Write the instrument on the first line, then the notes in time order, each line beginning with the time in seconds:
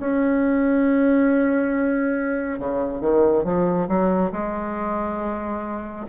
bassoon
0.00 C#4
2.60 C#3
3.01 D#3
3.44 F3
3.89 F#3
4.32 G#3